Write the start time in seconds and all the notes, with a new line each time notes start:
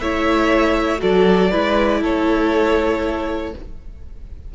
0.00 A3 E4 C#5 E5
0.98 F#3 F#4 A4 D5
1.51 G#3 E4 B4
2.01 A3 A4 C#5